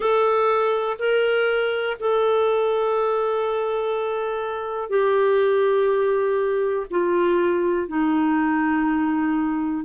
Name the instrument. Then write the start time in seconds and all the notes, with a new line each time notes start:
clarinet
0.00 A4
0.98 A#4
1.99 A4
4.89 G4
6.90 F4
7.88 D#4